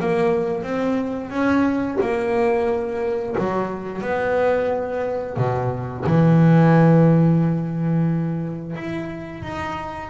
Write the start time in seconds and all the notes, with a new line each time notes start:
0.00 A#3
0.63 C4
1.30 C#4
2.01 A#3
3.38 F#3
4.02 B3
5.37 B2
6.06 E3
8.76 E4
9.43 D#4